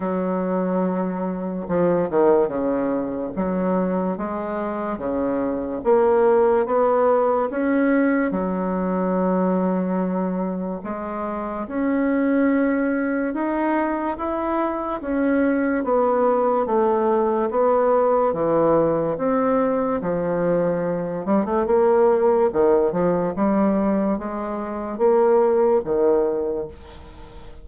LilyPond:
\new Staff \with { instrumentName = "bassoon" } { \time 4/4 \tempo 4 = 72 fis2 f8 dis8 cis4 | fis4 gis4 cis4 ais4 | b4 cis'4 fis2~ | fis4 gis4 cis'2 |
dis'4 e'4 cis'4 b4 | a4 b4 e4 c'4 | f4. g16 a16 ais4 dis8 f8 | g4 gis4 ais4 dis4 | }